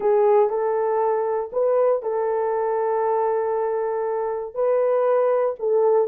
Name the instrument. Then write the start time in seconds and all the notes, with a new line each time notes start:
horn
0.00 G#4
0.49 A4
1.52 B4
2.02 A4
4.54 B4
5.59 A4